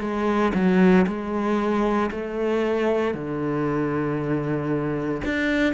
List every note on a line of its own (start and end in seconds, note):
0.00 0.52 G#3
0.54 1.06 F#3
1.07 2.10 G#3
2.11 3.14 A3
3.14 5.21 D3
5.25 5.73 D4